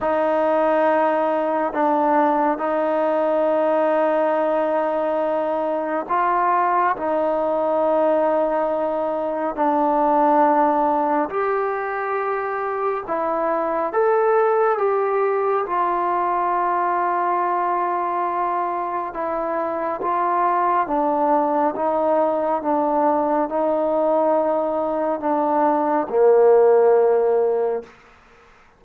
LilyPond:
\new Staff \with { instrumentName = "trombone" } { \time 4/4 \tempo 4 = 69 dis'2 d'4 dis'4~ | dis'2. f'4 | dis'2. d'4~ | d'4 g'2 e'4 |
a'4 g'4 f'2~ | f'2 e'4 f'4 | d'4 dis'4 d'4 dis'4~ | dis'4 d'4 ais2 | }